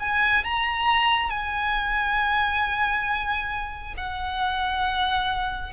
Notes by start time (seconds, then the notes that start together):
0.00 G#5
0.44 A#5
1.30 G#5
3.97 F#5